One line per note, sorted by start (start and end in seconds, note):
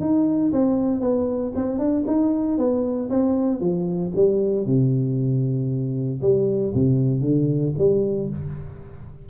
0.00 0.52 D#4
0.52 1.01 C4
1.01 1.52 B3
1.55 1.78 C4
1.78 2.04 D4
2.07 2.58 D#4
2.58 3.09 B3
3.10 3.60 C4
3.60 4.12 F3
4.15 4.66 G3
4.66 6.21 C3
6.21 6.73 G3
6.74 7.21 C3
7.21 7.72 D3
7.78 8.29 G3